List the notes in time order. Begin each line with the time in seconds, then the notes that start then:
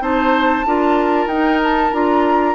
0.00 C4 D#4 C5 A5
0.66 D4 F4 A#4
1.26 D#4 G5
1.63 A5
1.92 D4 F4 A#5